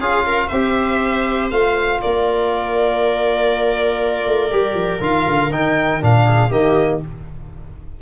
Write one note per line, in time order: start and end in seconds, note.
0.00 0.50 C#4
0.00 0.51 F4
0.00 0.26 G#4
0.00 0.49 F5
0.27 0.48 A#4
0.48 1.51 C4
0.48 1.52 G4
0.48 1.98 C5
0.48 1.49 E5
1.51 2.01 A3
1.51 4.51 F4
1.51 2.01 F5
2.02 4.27 A#3
2.02 6.26 A#4
2.02 5.02 D5
4.27 4.52 A3
4.51 4.74 G3
4.51 5.01 G4
4.74 4.99 F3
5.01 5.26 D#3
5.01 5.51 F4
5.01 5.53 F5
5.28 5.50 D3
5.50 6.00 D#3
5.50 6.01 D#4
5.50 6.03 G5
6.01 6.51 A#2
6.01 6.51 D4
6.01 6.52 F5
6.26 6.50 G#4
6.50 7.01 D#3
6.50 7.01 A#3
6.50 7.00 G4
6.50 7.02 D#5